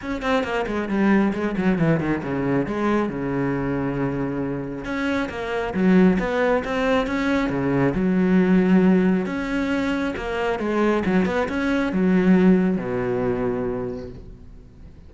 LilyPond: \new Staff \with { instrumentName = "cello" } { \time 4/4 \tempo 4 = 136 cis'8 c'8 ais8 gis8 g4 gis8 fis8 | e8 dis8 cis4 gis4 cis4~ | cis2. cis'4 | ais4 fis4 b4 c'4 |
cis'4 cis4 fis2~ | fis4 cis'2 ais4 | gis4 fis8 b8 cis'4 fis4~ | fis4 b,2. | }